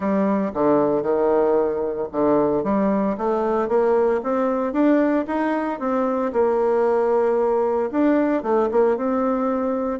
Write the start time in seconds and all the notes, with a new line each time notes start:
0.00 G3
0.54 D3
1.02 D#3
2.12 D3
2.63 G3
3.17 A3
3.68 A#3
4.23 C4
4.72 D4
5.27 D#4
5.79 C4
6.32 A#3
7.91 D4
8.43 A3
8.71 A#3
8.97 C4